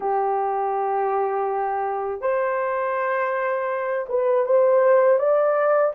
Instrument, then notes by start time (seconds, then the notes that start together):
horn
0.00 G4
2.21 C5
4.08 B4
4.45 C5
5.19 D5